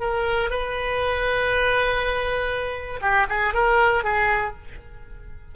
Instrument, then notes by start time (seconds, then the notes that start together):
oboe
0.00 A#4
0.50 B4
3.01 G4
3.29 G#4
3.53 A#4
4.04 G#4